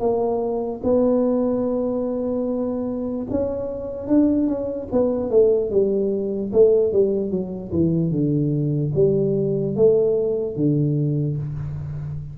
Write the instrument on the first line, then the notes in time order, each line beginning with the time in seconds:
tuba
0.00 A#3
0.84 B3
3.31 C#4
4.08 D4
4.48 C#4
4.92 B3
5.31 A3
5.71 G3
6.53 A3
6.93 G3
7.31 F#3
7.72 E3
8.12 D3
8.95 G3
9.76 A3
10.56 D3